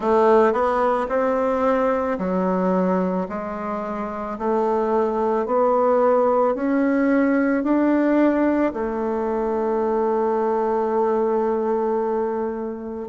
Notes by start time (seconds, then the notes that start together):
0.00 A3
0.52 B3
1.09 C4
2.18 F#3
3.28 G#3
4.38 A3
5.45 B3
6.55 C#4
7.63 D4
8.73 A3